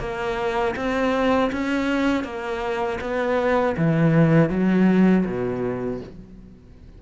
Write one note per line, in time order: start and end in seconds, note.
0.00 0.75 A#3
0.76 1.51 C4
1.52 2.24 C#4
2.24 2.99 A#3
3.01 3.76 B3
3.78 4.50 E3
4.50 5.25 F#3
5.26 6.01 B2